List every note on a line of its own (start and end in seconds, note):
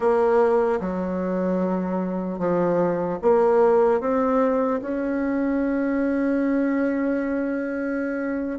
0.00 0.79 A#3
0.80 2.38 F#3
2.38 3.18 F3
3.22 4.00 A#3
4.00 4.80 C4
4.81 8.59 C#4